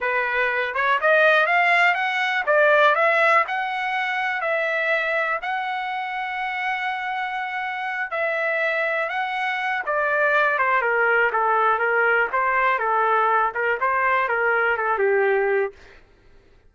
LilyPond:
\new Staff \with { instrumentName = "trumpet" } { \time 4/4 \tempo 4 = 122 b'4. cis''8 dis''4 f''4 | fis''4 d''4 e''4 fis''4~ | fis''4 e''2 fis''4~ | fis''1~ |
fis''8 e''2 fis''4. | d''4. c''8 ais'4 a'4 | ais'4 c''4 a'4. ais'8 | c''4 ais'4 a'8 g'4. | }